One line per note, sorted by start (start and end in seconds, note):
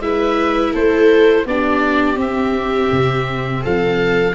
0.00 0.72 G#3
0.00 1.46 E4
0.00 0.73 B4
0.00 0.73 E5
0.73 1.45 A3
0.73 1.45 A4
0.73 1.47 C5
1.45 2.16 B3
1.45 2.16 D4
1.45 3.62 G4
1.45 2.19 D5
2.16 4.33 C4
2.16 2.88 C4
2.16 3.64 E5
2.91 3.63 C3
3.62 4.35 F3
3.62 4.34 A4
3.62 4.35 F5